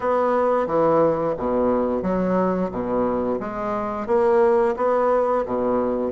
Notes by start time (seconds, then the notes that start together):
0.00 B3
0.66 E3
1.37 B2
2.02 F#3
2.71 B2
3.40 G#3
4.07 A#3
4.76 B3
5.45 B2